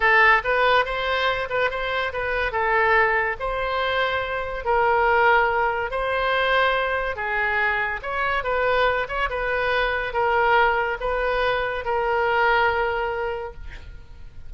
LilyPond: \new Staff \with { instrumentName = "oboe" } { \time 4/4 \tempo 4 = 142 a'4 b'4 c''4. b'8 | c''4 b'4 a'2 | c''2. ais'4~ | ais'2 c''2~ |
c''4 gis'2 cis''4 | b'4. cis''8 b'2 | ais'2 b'2 | ais'1 | }